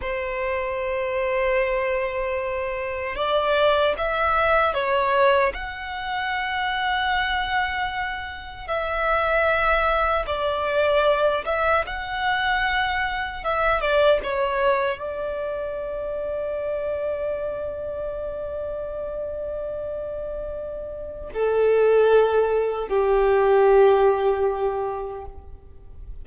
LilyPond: \new Staff \with { instrumentName = "violin" } { \time 4/4 \tempo 4 = 76 c''1 | d''4 e''4 cis''4 fis''4~ | fis''2. e''4~ | e''4 d''4. e''8 fis''4~ |
fis''4 e''8 d''8 cis''4 d''4~ | d''1~ | d''2. a'4~ | a'4 g'2. | }